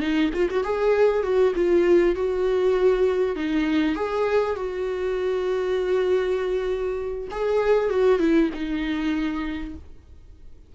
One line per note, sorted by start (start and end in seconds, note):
0.00 0.30 D#4
0.34 0.49 F4
0.50 0.64 F#4
0.64 1.23 G#4
1.23 1.53 F#4
1.55 2.15 F4
2.15 3.36 F#4
3.36 3.95 D#4
3.95 4.56 G#4
4.56 7.28 F#4
7.31 7.90 G#4
7.90 8.20 F#4
8.20 8.50 E4
8.54 9.75 D#4